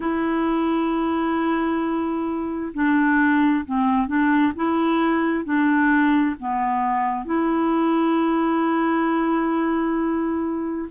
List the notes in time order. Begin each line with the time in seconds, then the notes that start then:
0.00 E4
2.74 D4
3.65 C4
4.07 D4
4.55 E4
5.44 D4
6.39 B3
7.25 E4